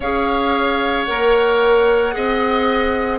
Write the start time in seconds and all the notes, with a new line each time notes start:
0.00 C#4 G#4 C#5 F5
1.04 A#3 A#4 F#5
2.13 C4 G#4 D#5